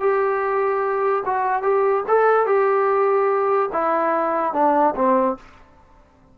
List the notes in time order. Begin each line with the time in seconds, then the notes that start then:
0.00 G4
1.26 F#4
1.63 G4
2.08 A4
2.47 G4
3.72 E4
4.53 D4
4.96 C4